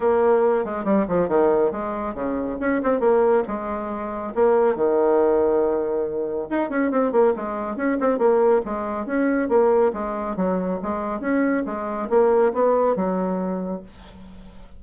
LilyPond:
\new Staff \with { instrumentName = "bassoon" } { \time 4/4 \tempo 4 = 139 ais4. gis8 g8 f8 dis4 | gis4 cis4 cis'8 c'8 ais4 | gis2 ais4 dis4~ | dis2. dis'8 cis'8 |
c'8 ais8 gis4 cis'8 c'8 ais4 | gis4 cis'4 ais4 gis4 | fis4 gis4 cis'4 gis4 | ais4 b4 fis2 | }